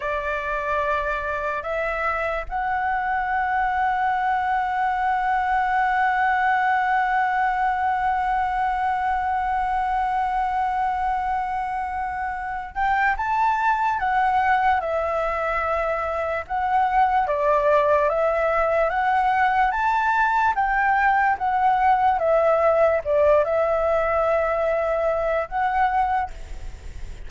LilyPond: \new Staff \with { instrumentName = "flute" } { \time 4/4 \tempo 4 = 73 d''2 e''4 fis''4~ | fis''1~ | fis''1~ | fis''2.~ fis''8 g''8 |
a''4 fis''4 e''2 | fis''4 d''4 e''4 fis''4 | a''4 g''4 fis''4 e''4 | d''8 e''2~ e''8 fis''4 | }